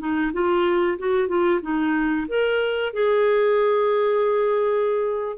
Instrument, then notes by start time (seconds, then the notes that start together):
clarinet
0.00 D#4
0.33 F4
0.99 F#4
1.28 F4
1.62 D#4
2.28 A#4
2.94 G#4